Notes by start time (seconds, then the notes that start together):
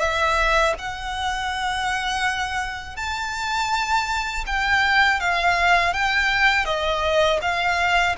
0.00 E5
0.79 F#5
2.97 A5
4.46 G5
5.21 F5
5.94 G5
6.66 D#5
7.42 F5